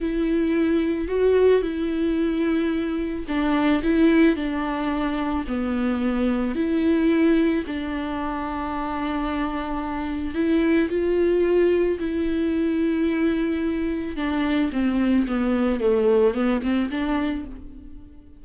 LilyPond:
\new Staff \with { instrumentName = "viola" } { \time 4/4 \tempo 4 = 110 e'2 fis'4 e'4~ | e'2 d'4 e'4 | d'2 b2 | e'2 d'2~ |
d'2. e'4 | f'2 e'2~ | e'2 d'4 c'4 | b4 a4 b8 c'8 d'4 | }